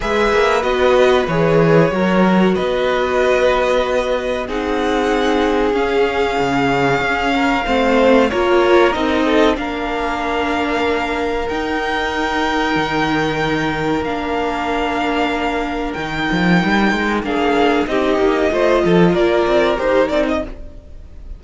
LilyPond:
<<
  \new Staff \with { instrumentName = "violin" } { \time 4/4 \tempo 4 = 94 e''4 dis''4 cis''2 | dis''2. fis''4~ | fis''4 f''2.~ | f''4 cis''4 dis''4 f''4~ |
f''2 g''2~ | g''2 f''2~ | f''4 g''2 f''4 | dis''2 d''4 c''8 d''16 dis''16 | }
  \new Staff \with { instrumentName = "violin" } { \time 4/4 b'2. ais'4 | b'2. gis'4~ | gis'2.~ gis'8 ais'8 | c''4 ais'4. a'8 ais'4~ |
ais'1~ | ais'1~ | ais'2. gis'4 | g'4 c''8 a'8 ais'2 | }
  \new Staff \with { instrumentName = "viola" } { \time 4/4 gis'4 fis'4 gis'4 fis'4~ | fis'2. dis'4~ | dis'4 cis'2. | c'4 f'4 dis'4 d'4~ |
d'2 dis'2~ | dis'2 d'2~ | d'4 dis'2 d'4 | dis'4 f'2 g'8 dis'8 | }
  \new Staff \with { instrumentName = "cello" } { \time 4/4 gis8 ais8 b4 e4 fis4 | b2. c'4~ | c'4 cis'4 cis4 cis'4 | a4 ais4 c'4 ais4~ |
ais2 dis'2 | dis2 ais2~ | ais4 dis8 f8 g8 gis8 ais4 | c'8 ais8 a8 f8 ais8 c'8 dis'8 c'8 | }
>>